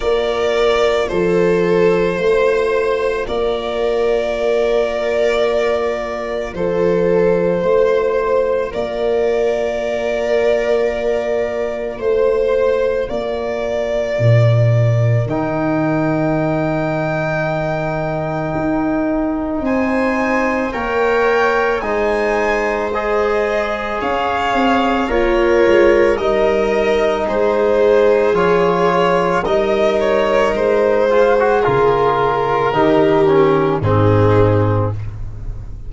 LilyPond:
<<
  \new Staff \with { instrumentName = "violin" } { \time 4/4 \tempo 4 = 55 d''4 c''2 d''4~ | d''2 c''2 | d''2. c''4 | d''2 g''2~ |
g''2 gis''4 g''4 | gis''4 dis''4 f''4 cis''4 | dis''4 c''4 cis''4 dis''8 cis''8 | c''4 ais'2 gis'4 | }
  \new Staff \with { instrumentName = "viola" } { \time 4/4 ais'4 a'4 c''4 ais'4~ | ais'2 a'4 c''4 | ais'2. c''4 | ais'1~ |
ais'2 c''4 cis''4 | c''2 cis''4 f'4 | ais'4 gis'2 ais'4~ | ais'8 gis'4. g'4 dis'4 | }
  \new Staff \with { instrumentName = "trombone" } { \time 4/4 f'1~ | f'1~ | f'1~ | f'2 dis'2~ |
dis'2. ais'4 | dis'4 gis'2 ais'4 | dis'2 f'4 dis'4~ | dis'8 f'16 fis'16 f'4 dis'8 cis'8 c'4 | }
  \new Staff \with { instrumentName = "tuba" } { \time 4/4 ais4 f4 a4 ais4~ | ais2 f4 a4 | ais2. a4 | ais4 ais,4 dis2~ |
dis4 dis'4 c'4 ais4 | gis2 cis'8 c'8 ais8 gis8 | g4 gis4 f4 g4 | gis4 cis4 dis4 gis,4 | }
>>